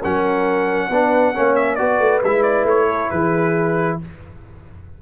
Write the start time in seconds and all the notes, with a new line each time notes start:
0.00 F#3 C#4 A#4 F#5
0.89 B3 D4 B4
1.34 A#3 C#4 C#5
1.55 E5
1.75 B3 F#4 B4 D5
1.99 A3
2.23 G#3 E4 E5
2.42 D5
2.64 A3 C#5
2.88 A4
3.10 E3 G#4 B4